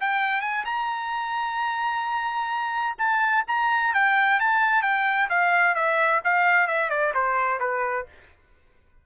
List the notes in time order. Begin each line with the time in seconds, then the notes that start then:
0.00 G5
0.41 G#5
0.65 A#5
2.98 A5
3.47 A#5
3.94 G5
4.40 A5
4.82 G5
5.29 F5
5.75 E5
6.24 F5
6.67 E5
6.90 D5
7.14 C5
7.60 B4